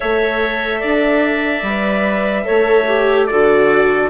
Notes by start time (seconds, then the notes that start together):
0.00 A3 A4 C#5 E5
0.79 D4 D5
1.62 G3 B4
2.45 A3 A4 C#5
2.88 G4
3.27 D3 F#4 A4 D5